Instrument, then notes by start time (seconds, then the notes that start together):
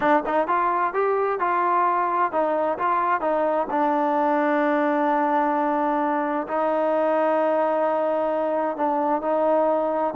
trombone
0.00 D4
0.26 D#4
0.47 F4
0.93 G4
1.39 F4
2.32 D#4
2.78 F4
3.21 D#4
3.70 D4
6.47 D#4
8.77 D4
9.21 D#4